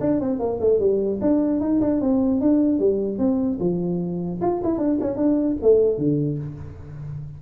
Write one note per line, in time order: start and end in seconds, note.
0.00 0.20 D4
0.20 0.39 C4
0.39 0.59 A#3
0.60 0.79 A3
0.79 1.19 G3
1.21 1.60 D4
1.60 1.80 D#4
1.80 2.00 D4
2.01 2.40 C4
2.40 2.79 D4
2.79 3.18 G3
3.18 3.58 C4
3.60 4.40 F3
4.41 4.61 F4
4.63 4.77 E4
4.77 4.97 D4
5.00 5.16 C#4
5.16 5.56 D4
5.61 5.98 A3
5.98 6.38 D3